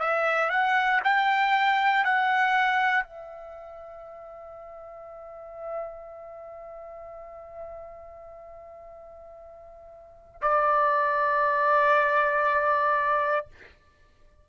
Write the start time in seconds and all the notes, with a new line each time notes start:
0.00 E5
0.49 F#5
1.04 G5
2.04 F#5
3.03 E5
10.41 D5